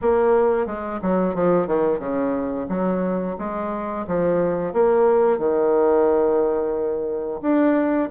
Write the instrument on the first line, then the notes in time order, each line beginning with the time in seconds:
bassoon
0.01 A#3
0.66 G#3
1.02 F#3
1.35 F3
1.67 D#3
1.99 C#3
2.68 F#3
3.38 G#3
4.07 F3
4.73 A#3
5.38 D#3
7.41 D4